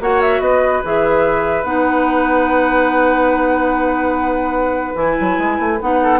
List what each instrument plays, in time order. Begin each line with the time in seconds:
0.00 bassoon A#3, clarinet F#4, oboe C#5, flute F#5
0.21 flute E5
0.40 bassoon B3, oboe B4, flute D#5
0.83 bassoon E3, clarinet G#4, flute E5
1.63 bassoon B3, clarinet D#4, flute F#5
4.95 bassoon E3, clarinet E4, flute G#5
5.20 bassoon F#3
5.38 bassoon G#3
5.59 bassoon A3
5.80 bassoon B3, clarinet D#4, flute F#5
6.02 oboe A4